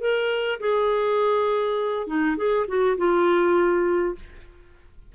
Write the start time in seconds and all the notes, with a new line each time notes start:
0.00 A#4
0.60 G#4
2.07 D#4
2.37 G#4
2.67 F#4
2.97 F4